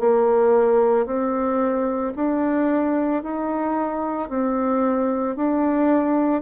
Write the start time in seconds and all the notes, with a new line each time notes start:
0.00 A#3
1.07 C4
2.16 D4
3.23 D#4
4.30 C4
5.36 D4